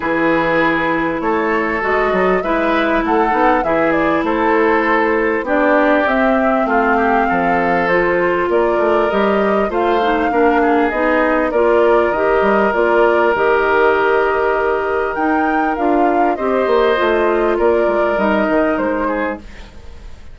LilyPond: <<
  \new Staff \with { instrumentName = "flute" } { \time 4/4 \tempo 4 = 99 b'2 cis''4 dis''4 | e''4 fis''4 e''8 d''8 c''4~ | c''4 d''4 e''4 f''4~ | f''4 c''4 d''4 dis''4 |
f''2 dis''4 d''4 | dis''4 d''4 dis''2~ | dis''4 g''4 f''4 dis''4~ | dis''4 d''4 dis''4 c''4 | }
  \new Staff \with { instrumentName = "oboe" } { \time 4/4 gis'2 a'2 | b'4 a'4 gis'4 a'4~ | a'4 g'2 f'8 g'8 | a'2 ais'2 |
c''4 ais'8 gis'4. ais'4~ | ais'1~ | ais'2. c''4~ | c''4 ais'2~ ais'8 gis'8 | }
  \new Staff \with { instrumentName = "clarinet" } { \time 4/4 e'2. fis'4 | e'4. dis'8 e'2~ | e'4 d'4 c'2~ | c'4 f'2 g'4 |
f'8 dis'8 d'4 dis'4 f'4 | g'4 f'4 g'2~ | g'4 dis'4 f'4 g'4 | f'2 dis'2 | }
  \new Staff \with { instrumentName = "bassoon" } { \time 4/4 e2 a4 gis8 fis8 | gis4 a8 b8 e4 a4~ | a4 b4 c'4 a4 | f2 ais8 a8 g4 |
a4 ais4 b4 ais4 | dis8 g8 ais4 dis2~ | dis4 dis'4 d'4 c'8 ais8 | a4 ais8 gis8 g8 dis8 gis4 | }
>>